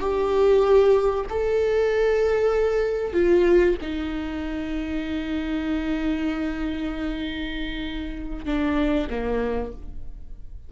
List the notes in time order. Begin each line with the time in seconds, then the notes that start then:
0.00 G4
1.30 A4
3.13 F4
3.82 D#4
8.45 D4
9.10 A#3